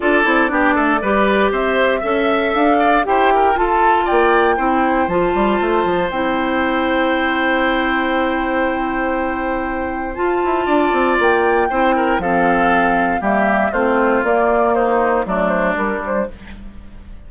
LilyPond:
<<
  \new Staff \with { instrumentName = "flute" } { \time 4/4 \tempo 4 = 118 d''2. e''4~ | e''4 f''4 g''4 a''4 | g''2 a''2 | g''1~ |
g''1 | a''2 g''2 | f''2 e''4 c''4 | d''4 c''4 d''8 c''8 ais'8 c''8 | }
  \new Staff \with { instrumentName = "oboe" } { \time 4/4 a'4 g'8 a'8 b'4 c''4 | e''4. d''8 c''8 ais'8 a'4 | d''4 c''2.~ | c''1~ |
c''1~ | c''4 d''2 c''8 ais'8 | a'2 g'4 f'4~ | f'4 dis'4 d'2 | }
  \new Staff \with { instrumentName = "clarinet" } { \time 4/4 f'8 e'8 d'4 g'2 | a'2 g'4 f'4~ | f'4 e'4 f'2 | e'1~ |
e'1 | f'2. e'4 | c'2 ais4 c'4 | ais2 a4 g4 | }
  \new Staff \with { instrumentName = "bassoon" } { \time 4/4 d'8 c'8 b8 a8 g4 c'4 | cis'4 d'4 e'4 f'4 | ais4 c'4 f8 g8 a8 f8 | c'1~ |
c'1 | f'8 e'8 d'8 c'8 ais4 c'4 | f2 g4 a4 | ais2 fis4 g4 | }
>>